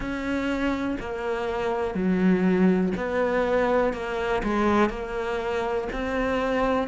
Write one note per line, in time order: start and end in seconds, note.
0.00 0.97 C#4
1.00 1.94 A#3
1.94 2.92 F#3
2.96 3.93 B3
3.93 4.42 A#3
4.43 4.89 G#3
4.89 5.87 A#3
5.92 6.88 C4